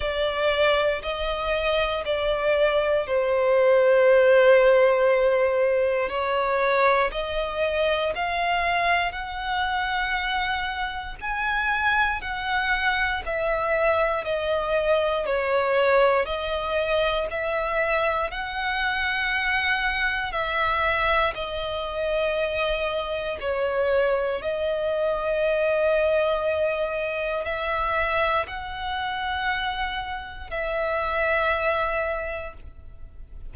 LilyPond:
\new Staff \with { instrumentName = "violin" } { \time 4/4 \tempo 4 = 59 d''4 dis''4 d''4 c''4~ | c''2 cis''4 dis''4 | f''4 fis''2 gis''4 | fis''4 e''4 dis''4 cis''4 |
dis''4 e''4 fis''2 | e''4 dis''2 cis''4 | dis''2. e''4 | fis''2 e''2 | }